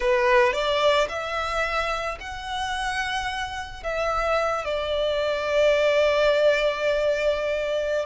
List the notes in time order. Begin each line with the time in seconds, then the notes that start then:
0.00 B4
0.53 D5
1.08 E5
2.20 F#5
3.83 E5
4.64 D5